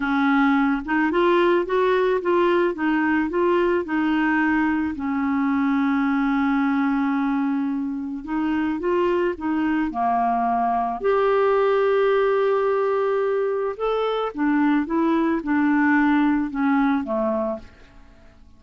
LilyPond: \new Staff \with { instrumentName = "clarinet" } { \time 4/4 \tempo 4 = 109 cis'4. dis'8 f'4 fis'4 | f'4 dis'4 f'4 dis'4~ | dis'4 cis'2.~ | cis'2. dis'4 |
f'4 dis'4 ais2 | g'1~ | g'4 a'4 d'4 e'4 | d'2 cis'4 a4 | }